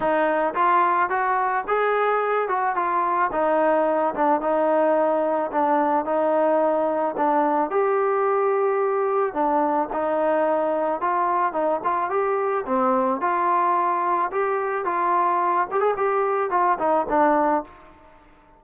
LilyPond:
\new Staff \with { instrumentName = "trombone" } { \time 4/4 \tempo 4 = 109 dis'4 f'4 fis'4 gis'4~ | gis'8 fis'8 f'4 dis'4. d'8 | dis'2 d'4 dis'4~ | dis'4 d'4 g'2~ |
g'4 d'4 dis'2 | f'4 dis'8 f'8 g'4 c'4 | f'2 g'4 f'4~ | f'8 g'16 gis'16 g'4 f'8 dis'8 d'4 | }